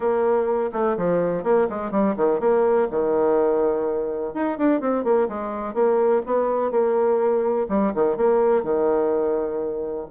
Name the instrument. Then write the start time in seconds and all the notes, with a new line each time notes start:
bassoon
0.00 A#3
0.72 A3
0.97 F3
1.43 A#3
1.69 G#3
1.91 G3
2.16 D#3
2.40 A#3
2.90 D#3
4.34 D#4
4.57 D4
4.80 C4
5.04 A#3
5.28 G#3
5.74 A#3
6.25 B3
6.71 A#3
7.68 G3
7.94 D#3
8.16 A#3
8.63 D#3